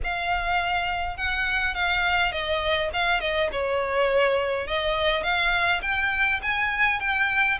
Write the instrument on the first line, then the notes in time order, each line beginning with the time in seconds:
violin
0.03 F5
1.16 F#5
1.74 F5
2.31 D#5
2.93 F5
3.20 D#5
3.52 C#5
4.67 D#5
5.23 F5
5.81 G5
6.42 G#5
7.00 G5